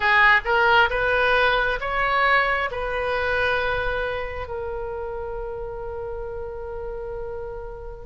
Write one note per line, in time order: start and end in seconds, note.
0.00 0.40 G#4
0.44 0.89 A#4
0.90 1.79 B4
1.80 2.69 C#5
2.71 4.47 B4
4.47 8.06 A#4